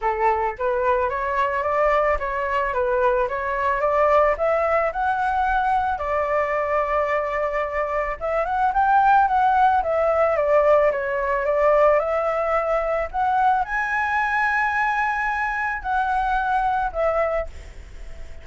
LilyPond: \new Staff \with { instrumentName = "flute" } { \time 4/4 \tempo 4 = 110 a'4 b'4 cis''4 d''4 | cis''4 b'4 cis''4 d''4 | e''4 fis''2 d''4~ | d''2. e''8 fis''8 |
g''4 fis''4 e''4 d''4 | cis''4 d''4 e''2 | fis''4 gis''2.~ | gis''4 fis''2 e''4 | }